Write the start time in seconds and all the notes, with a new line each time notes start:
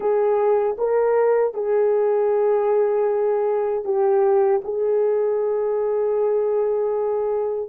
0.00 G#4
0.78 A#4
1.53 G#4
3.84 G4
4.64 G#4